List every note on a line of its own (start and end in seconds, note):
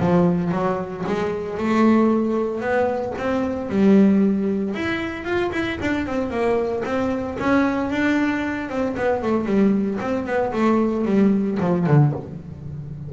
0.00 0.51 F3
0.51 1.04 F#3
1.06 1.58 G#3
1.58 2.61 A3
2.61 3.13 B3
3.18 3.69 C4
3.69 4.74 G3
4.74 5.24 E4
5.24 5.51 F4
5.52 5.78 E4
5.81 6.06 D4
6.06 6.30 C4
6.30 6.83 A#3
6.85 7.37 C4
7.39 7.90 C#4
7.90 8.69 D4
8.69 8.95 C4
8.97 9.22 B3
9.22 9.45 A3
9.45 9.98 G3
10.00 10.26 C4
10.26 10.52 B3
10.53 11.05 A3
11.05 11.58 G3
11.60 11.86 F3
11.86 12.13 D3